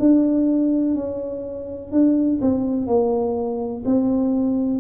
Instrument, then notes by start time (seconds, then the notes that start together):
tuba
0.00 D4
0.95 C#4
1.92 D4
2.41 C4
2.87 A#3
3.85 C4